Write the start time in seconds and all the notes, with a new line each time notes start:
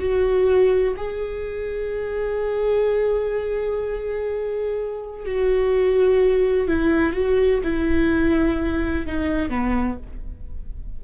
0.00 F#4
0.97 G#4
5.26 F#4
6.68 E4
7.14 F#4
7.64 E4
9.07 D#4
9.50 B3